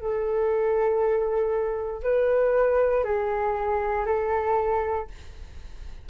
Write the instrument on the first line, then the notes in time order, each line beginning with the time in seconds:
flute
0.00 A4
2.03 B4
3.04 G#4
4.06 A4